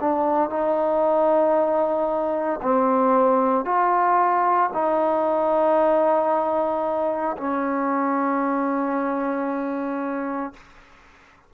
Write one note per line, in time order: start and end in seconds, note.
0.00 0.49 D4
0.49 2.60 D#4
2.62 3.65 C4
3.65 4.70 F4
4.73 7.36 D#4
7.37 10.53 C#4